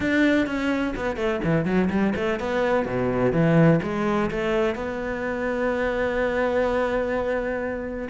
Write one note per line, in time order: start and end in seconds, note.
0.00 0.46 D4
0.46 0.94 C#4
0.96 1.16 B3
1.16 1.40 A3
1.44 1.65 E3
1.65 1.89 F#3
1.90 2.13 G3
2.15 2.39 A3
2.39 2.85 B3
2.85 3.32 B2
3.32 3.80 E3
3.82 4.30 G#3
4.30 4.75 A3
4.75 8.08 B3